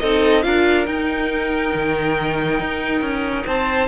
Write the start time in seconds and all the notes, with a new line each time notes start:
0.00 C4 D#4 A4 D#5
0.43 D4 F4 A#4 F5
0.86 D#4 G5
1.75 D#3
2.60 D#4
3.02 C#4
3.47 C4 C5 A5